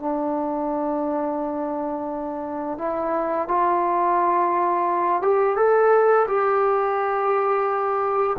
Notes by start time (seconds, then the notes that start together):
0.00 D4
2.79 E4
3.49 F4
5.23 G4
5.57 A4
6.28 G4